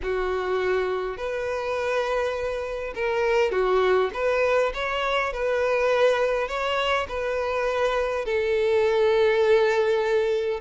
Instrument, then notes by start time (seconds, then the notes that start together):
violin
0.02 F#4
1.17 B4
2.94 A#4
3.51 F#4
4.13 B4
4.74 C#5
5.33 B4
6.47 C#5
7.08 B4
8.25 A4